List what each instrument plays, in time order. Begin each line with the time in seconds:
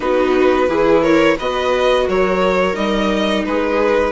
0.00 bassoon B3, viola D#4 F#4, violin B4
0.68 bassoon E3, viola E4 G#4
1.02 viola A#4, violin C#5
1.37 bassoon B3, viola F#4 B4, violin D#5
2.06 bassoon F#3, viola A#4, violin C#5
2.73 bassoon G3, viola D#4, violin D#5
3.45 bassoon G#3, viola G#4, violin B4